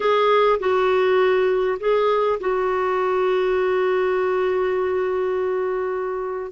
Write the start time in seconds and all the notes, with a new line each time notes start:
0.00 G#4
0.59 F#4
1.79 G#4
2.40 F#4